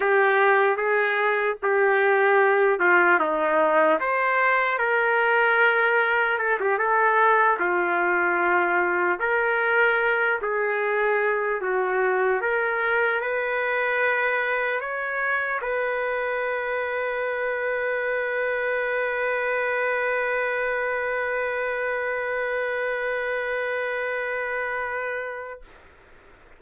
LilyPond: \new Staff \with { instrumentName = "trumpet" } { \time 4/4 \tempo 4 = 75 g'4 gis'4 g'4. f'8 | dis'4 c''4 ais'2 | a'16 g'16 a'4 f'2 ais'8~ | ais'4 gis'4. fis'4 ais'8~ |
ais'8 b'2 cis''4 b'8~ | b'1~ | b'1~ | b'1 | }